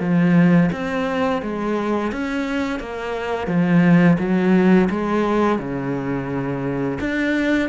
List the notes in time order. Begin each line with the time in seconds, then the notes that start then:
0.00 F3
0.72 C4
1.42 G#3
2.12 C#4
2.80 A#3
3.47 F3
4.19 F#3
4.90 G#3
5.58 C#3
7.00 D4